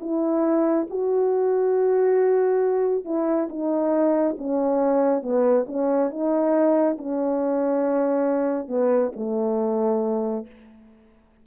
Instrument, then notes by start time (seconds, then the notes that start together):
horn
0.00 E4
0.90 F#4
3.05 E4
3.49 D#4
4.38 C#4
5.22 B3
5.67 C#4
6.10 D#4
6.98 C#4
8.68 B3
9.16 A3